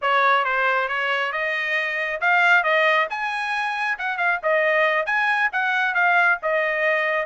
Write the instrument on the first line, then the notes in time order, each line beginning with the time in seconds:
trumpet
0.01 C#5
0.44 C5
0.88 C#5
1.32 D#5
2.20 F5
2.63 D#5
3.10 G#5
3.98 F#5
4.17 F5
4.42 D#5
5.06 G#5
5.52 F#5
5.94 F5
6.42 D#5